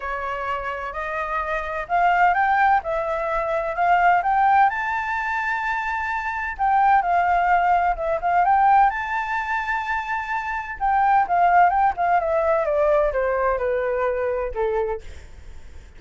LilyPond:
\new Staff \with { instrumentName = "flute" } { \time 4/4 \tempo 4 = 128 cis''2 dis''2 | f''4 g''4 e''2 | f''4 g''4 a''2~ | a''2 g''4 f''4~ |
f''4 e''8 f''8 g''4 a''4~ | a''2. g''4 | f''4 g''8 f''8 e''4 d''4 | c''4 b'2 a'4 | }